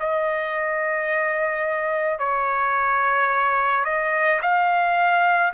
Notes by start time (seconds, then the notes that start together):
0.00 D#5
2.19 C#5
3.85 D#5
4.42 F5